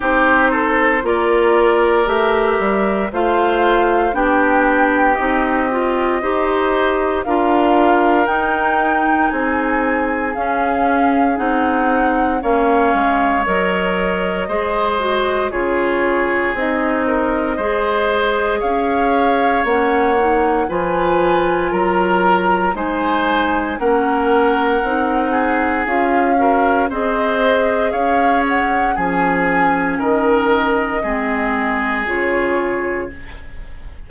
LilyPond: <<
  \new Staff \with { instrumentName = "flute" } { \time 4/4 \tempo 4 = 58 c''4 d''4 e''4 f''4 | g''4 dis''2 f''4 | g''4 gis''4 f''4 fis''4 | f''4 dis''2 cis''4 |
dis''2 f''4 fis''4 | gis''4 ais''4 gis''4 fis''4~ | fis''4 f''4 dis''4 f''8 fis''8 | gis''4 dis''2 cis''4 | }
  \new Staff \with { instrumentName = "oboe" } { \time 4/4 g'8 a'8 ais'2 c''4 | g'2 c''4 ais'4~ | ais'4 gis'2. | cis''2 c''4 gis'4~ |
gis'8 ais'8 c''4 cis''2 | b'4 ais'4 c''4 ais'4~ | ais'8 gis'4 ais'8 c''4 cis''4 | gis'4 ais'4 gis'2 | }
  \new Staff \with { instrumentName = "clarinet" } { \time 4/4 dis'4 f'4 g'4 f'4 | d'4 dis'8 f'8 g'4 f'4 | dis'2 cis'4 dis'4 | cis'4 ais'4 gis'8 fis'8 f'4 |
dis'4 gis'2 cis'8 dis'8 | f'2 dis'4 cis'4 | dis'4 f'8 fis'8 gis'2 | cis'2 c'4 f'4 | }
  \new Staff \with { instrumentName = "bassoon" } { \time 4/4 c'4 ais4 a8 g8 a4 | b4 c'4 dis'4 d'4 | dis'4 c'4 cis'4 c'4 | ais8 gis8 fis4 gis4 cis4 |
c'4 gis4 cis'4 ais4 | f4 fis4 gis4 ais4 | c'4 cis'4 c'4 cis'4 | f4 dis4 gis4 cis4 | }
>>